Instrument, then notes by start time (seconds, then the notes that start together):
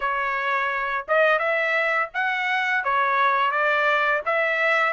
trumpet
0.00 C#5
1.07 D#5
1.38 E5
2.14 F#5
2.84 C#5
3.51 D5
4.25 E5